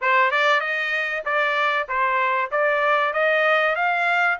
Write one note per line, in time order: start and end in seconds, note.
0.01 0.31 C5
0.31 0.60 D5
0.60 1.22 D#5
1.25 1.88 D5
1.88 2.51 C5
2.51 3.13 D5
3.13 3.75 D#5
3.75 4.38 F5